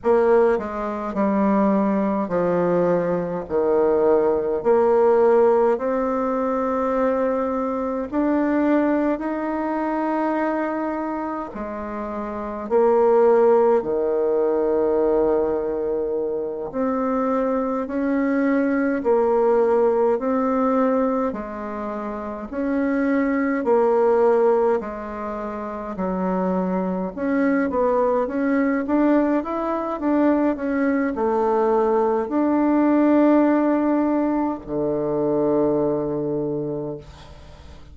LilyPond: \new Staff \with { instrumentName = "bassoon" } { \time 4/4 \tempo 4 = 52 ais8 gis8 g4 f4 dis4 | ais4 c'2 d'4 | dis'2 gis4 ais4 | dis2~ dis8 c'4 cis'8~ |
cis'8 ais4 c'4 gis4 cis'8~ | cis'8 ais4 gis4 fis4 cis'8 | b8 cis'8 d'8 e'8 d'8 cis'8 a4 | d'2 d2 | }